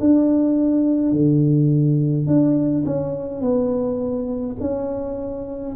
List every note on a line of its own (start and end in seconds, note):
0.00 1.12 D4
1.12 2.27 D3
2.27 2.85 D4
2.85 3.41 C#4
3.41 4.56 B3
4.60 5.76 C#4